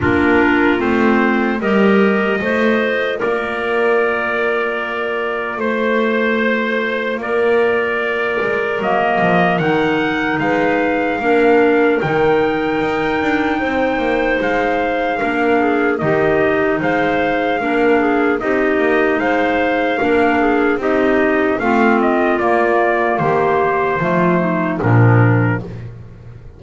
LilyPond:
<<
  \new Staff \with { instrumentName = "trumpet" } { \time 4/4 \tempo 4 = 75 ais'4 c''4 dis''2 | d''2. c''4~ | c''4 d''2 dis''4 | fis''4 f''2 g''4~ |
g''2 f''2 | dis''4 f''2 dis''4 | f''2 dis''4 f''8 dis''8 | d''4 c''2 ais'4 | }
  \new Staff \with { instrumentName = "clarinet" } { \time 4/4 f'2 ais'4 c''4 | ais'2. c''4~ | c''4 ais'2.~ | ais'4 b'4 ais'2~ |
ais'4 c''2 ais'8 gis'8 | g'4 c''4 ais'8 gis'8 g'4 | c''4 ais'8 gis'8 g'4 f'4~ | f'4 g'4 f'8 dis'8 d'4 | }
  \new Staff \with { instrumentName = "clarinet" } { \time 4/4 d'4 c'4 g'4 f'4~ | f'1~ | f'2. ais4 | dis'2 d'4 dis'4~ |
dis'2. d'4 | dis'2 d'4 dis'4~ | dis'4 d'4 dis'4 c'4 | ais2 a4 f4 | }
  \new Staff \with { instrumentName = "double bass" } { \time 4/4 ais4 a4 g4 a4 | ais2. a4~ | a4 ais4. gis8 fis8 f8 | dis4 gis4 ais4 dis4 |
dis'8 d'8 c'8 ais8 gis4 ais4 | dis4 gis4 ais4 c'8 ais8 | gis4 ais4 c'4 a4 | ais4 dis4 f4 ais,4 | }
>>